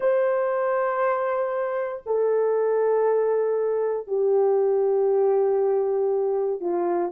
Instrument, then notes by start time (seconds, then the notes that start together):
horn
0.00 C5
2.06 A4
4.07 G4
6.60 F4